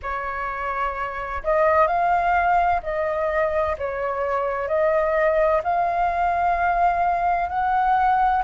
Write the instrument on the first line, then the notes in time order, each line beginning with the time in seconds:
flute
0.02 C#5
1.43 D#5
1.87 F5
2.83 D#5
3.78 C#5
4.67 D#5
5.63 F5
7.49 F#5